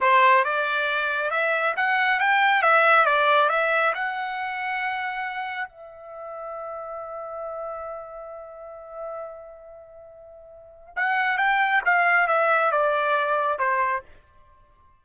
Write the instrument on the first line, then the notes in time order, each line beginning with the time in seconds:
trumpet
0.01 C5
0.44 D5
1.30 E5
1.76 F#5
2.19 G5
2.62 E5
3.05 D5
3.49 E5
3.94 F#5
5.68 E5
10.95 F#5
11.37 G5
11.85 F5
12.27 E5
12.71 D5
13.58 C5